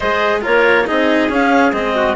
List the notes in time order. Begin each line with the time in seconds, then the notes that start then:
0.00 G#3 G#4 C5 D#5
0.41 A#3 F4 A#4 C#5
0.87 C4 D#4 G#4 D#5
1.29 C#4 F5
1.72 G#3 C4 D#5
1.95 F#4